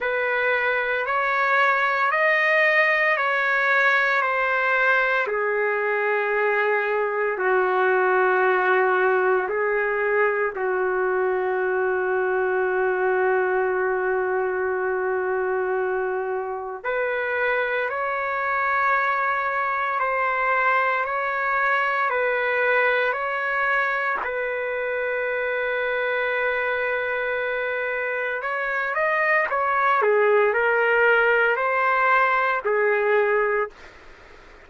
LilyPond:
\new Staff \with { instrumentName = "trumpet" } { \time 4/4 \tempo 4 = 57 b'4 cis''4 dis''4 cis''4 | c''4 gis'2 fis'4~ | fis'4 gis'4 fis'2~ | fis'1 |
b'4 cis''2 c''4 | cis''4 b'4 cis''4 b'4~ | b'2. cis''8 dis''8 | cis''8 gis'8 ais'4 c''4 gis'4 | }